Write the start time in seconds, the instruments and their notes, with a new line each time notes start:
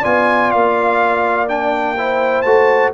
0.00 tuba B3, trombone F4, horn D5, trumpet G#5
0.51 tuba A#3, trumpet F5
1.48 trombone D4, trumpet G5
1.97 trombone E4, horn C5
2.42 tuba A3, trombone F#4, trumpet A5